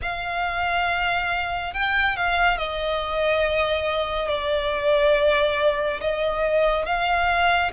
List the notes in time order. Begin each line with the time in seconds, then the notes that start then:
0.02 F5
1.73 G5
2.16 F5
2.57 D#5
4.29 D5
6.00 D#5
6.85 F5